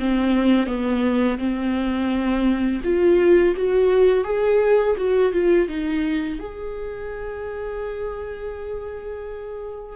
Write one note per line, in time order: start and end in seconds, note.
0.00 0.67 C4
0.67 1.38 B3
1.39 2.82 C4
2.84 3.56 F4
3.57 4.25 F#4
4.25 4.96 G#4
4.97 5.33 F#4
5.33 5.69 F4
5.69 6.40 D#4
6.40 9.97 G#4